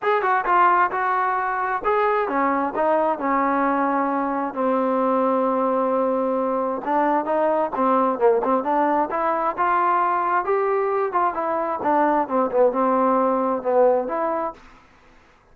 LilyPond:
\new Staff \with { instrumentName = "trombone" } { \time 4/4 \tempo 4 = 132 gis'8 fis'8 f'4 fis'2 | gis'4 cis'4 dis'4 cis'4~ | cis'2 c'2~ | c'2. d'4 |
dis'4 c'4 ais8 c'8 d'4 | e'4 f'2 g'4~ | g'8 f'8 e'4 d'4 c'8 b8 | c'2 b4 e'4 | }